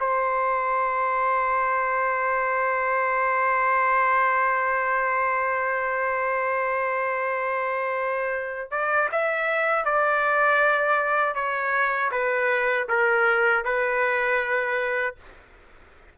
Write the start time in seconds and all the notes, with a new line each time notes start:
0.00 C5
8.71 D5
9.12 E5
9.85 D5
11.35 C#5
12.11 B4
12.88 A#4
13.64 B4